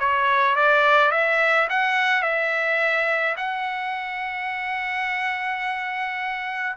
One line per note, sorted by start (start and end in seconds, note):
0.00 0.56 C#5
0.56 1.11 D5
1.11 1.68 E5
1.70 2.23 F#5
2.23 3.36 E5
3.37 6.76 F#5